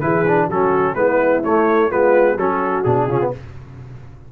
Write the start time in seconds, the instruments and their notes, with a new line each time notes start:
0.00 tuba E3, trombone E4, horn G#4, trumpet B4
0.27 trombone D4
0.46 tuba F#3, trombone C#4, horn F#4, trumpet A4
0.95 tuba G#3, trombone B3, horn E4, trumpet B4
1.43 trombone A3, tuba A3, trumpet C#5
1.89 tuba G#3, trombone B3, horn F4, trumpet B4
2.36 tuba F#3, trombone C#4, horn F#4, trumpet A4
2.83 tuba B2, trombone D4, trumpet G#4
3.07 tuba C#3, trombone C#4, horn F4
3.20 trombone B3